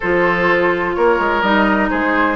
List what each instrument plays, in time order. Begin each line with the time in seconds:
0.00 bassoon F3, clarinet F4, oboe A4, flute C5
0.94 bassoon A#3, oboe A#4, flute C#5
1.19 bassoon G#3
1.41 bassoon G3, clarinet D#4, flute D#5
1.89 bassoon G#3, oboe G#4, flute C5